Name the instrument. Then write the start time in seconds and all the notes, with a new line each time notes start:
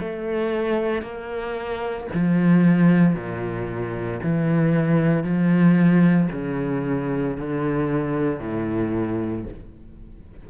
cello
0.00 A3
1.02 A#3
2.14 F3
3.15 A#2
4.23 E3
5.24 F3
6.32 C#3
7.37 D3
8.40 A2